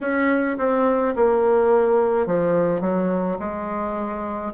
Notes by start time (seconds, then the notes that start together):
0.00 C#4
0.58 C4
1.15 A#3
2.26 F3
2.80 F#3
3.39 G#3